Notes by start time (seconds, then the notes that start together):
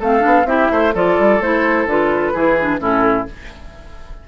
0.00 A3 C4 A4 F5
0.20 B3 D4
0.45 C4 E4 G4 E5
0.71 A3 C5
0.94 F3 F4 A4 D5
1.19 G3
1.41 A3 E4 C5
1.86 D3 F4 B4
2.34 E3 E4 G#4
2.61 D4
2.79 A2 C#4 E4 A4